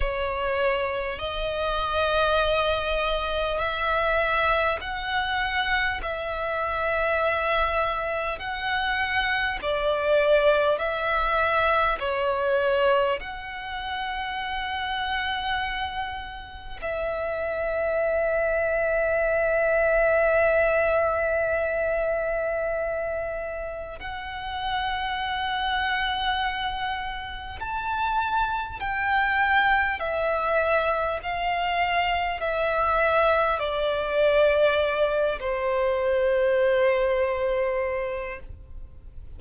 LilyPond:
\new Staff \with { instrumentName = "violin" } { \time 4/4 \tempo 4 = 50 cis''4 dis''2 e''4 | fis''4 e''2 fis''4 | d''4 e''4 cis''4 fis''4~ | fis''2 e''2~ |
e''1 | fis''2. a''4 | g''4 e''4 f''4 e''4 | d''4. c''2~ c''8 | }